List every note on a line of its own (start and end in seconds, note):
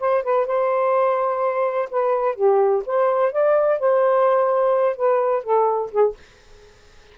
0.00 0.24 C5
0.24 0.47 B4
0.47 1.89 C5
1.91 2.36 B4
2.36 2.83 G4
2.86 3.33 C5
3.33 3.80 D5
3.80 4.97 C5
4.97 5.44 B4
5.44 5.91 A4
5.92 6.15 G#4